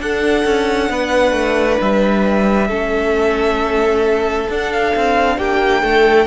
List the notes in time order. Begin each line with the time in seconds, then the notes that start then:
0.00 D4 A4 F#5
0.45 C#4
0.90 B3 B4
1.33 A3
1.82 G3 E5
2.68 A3 C#4 A4
4.50 D4 F#5
4.73 F5
4.96 C4
5.38 A#3 G4 G5
5.82 A3 A4